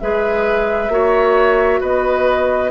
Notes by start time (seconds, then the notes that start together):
0.00 G#3 G#4 B4 E5
0.89 A#3 F#4 C#5
1.81 B3 B4 D#5